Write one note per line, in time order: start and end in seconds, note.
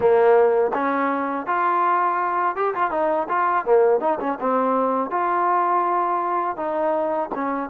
0.00 0.71 A#3
0.73 1.46 C#4
1.46 2.56 F4
2.56 2.74 G4
2.74 2.91 F4
2.91 3.27 D#4
3.28 3.65 F4
3.65 4.00 A#3
4.00 4.18 D#4
4.19 4.38 C#4
4.40 5.10 C4
5.10 6.56 F4
6.56 7.29 D#4
7.34 7.69 C#4